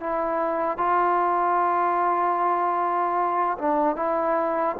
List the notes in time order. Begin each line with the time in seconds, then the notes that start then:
0.00 E4
0.77 F4
3.58 D4
3.96 E4